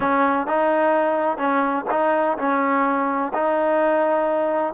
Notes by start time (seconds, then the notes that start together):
0.00 C#4
0.46 D#4
1.37 C#4
1.90 D#4
2.38 C#4
3.33 D#4